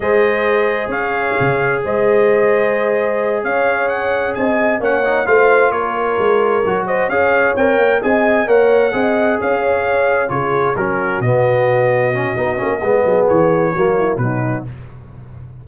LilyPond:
<<
  \new Staff \with { instrumentName = "trumpet" } { \time 4/4 \tempo 4 = 131 dis''2 f''2 | dis''2.~ dis''8 f''8~ | f''8 fis''4 gis''4 fis''4 f''8~ | f''8 cis''2~ cis''8 dis''8 f''8~ |
f''8 g''4 gis''4 fis''4.~ | fis''8 f''2 cis''4 ais'8~ | ais'8 dis''2.~ dis''8~ | dis''4 cis''2 b'4 | }
  \new Staff \with { instrumentName = "horn" } { \time 4/4 c''2 cis''2 | c''2.~ c''8 cis''8~ | cis''4. dis''4 cis''4 c''8~ | c''8 ais'2~ ais'8 c''8 cis''8~ |
cis''4. dis''4 cis''4 dis''8~ | dis''8 cis''2 gis'4 fis'8~ | fis'1 | gis'2 fis'8 e'8 dis'4 | }
  \new Staff \with { instrumentName = "trombone" } { \time 4/4 gis'1~ | gis'1~ | gis'2~ gis'8 cis'8 dis'8 f'8~ | f'2~ f'8 fis'4 gis'8~ |
gis'8 ais'4 gis'4 ais'4 gis'8~ | gis'2~ gis'8 f'4 cis'8~ | cis'8 b2 cis'8 dis'8 cis'8 | b2 ais4 fis4 | }
  \new Staff \with { instrumentName = "tuba" } { \time 4/4 gis2 cis'4 cis4 | gis2.~ gis8 cis'8~ | cis'4. c'4 ais4 a8~ | a8 ais4 gis4 fis4 cis'8~ |
cis'8 c'8 ais8 c'4 ais4 c'8~ | c'8 cis'2 cis4 fis8~ | fis8 b,2~ b,8 b8 ais8 | gis8 fis8 e4 fis4 b,4 | }
>>